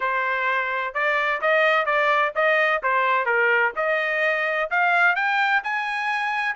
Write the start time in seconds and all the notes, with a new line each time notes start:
0.00 C5
0.94 D5
1.41 D#5
1.85 D5
2.35 D#5
2.82 C5
3.25 A#4
3.76 D#5
4.70 F5
5.15 G5
5.63 G#5